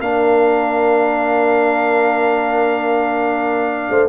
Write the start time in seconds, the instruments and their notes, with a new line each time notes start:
0.00 tuba A#3, trombone D4, horn A#4, trumpet F5
3.89 tuba A3, horn C5